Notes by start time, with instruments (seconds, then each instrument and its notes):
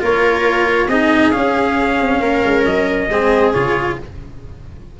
0.00 tuba A#3, cello F4, viola A#4, trumpet C#5
0.88 tuba C4, cello D#4, viola G#4, trumpet D#5
1.32 cello C#4, tuba C#4, trumpet F5
2.01 tuba C4
2.20 tuba A#3, viola A#4
2.45 tuba G#3
2.66 tuba F#3, trumpet D#5
3.09 tuba G#3, cello C4, viola G#4
3.53 tuba C#3, cello F4, trumpet C#5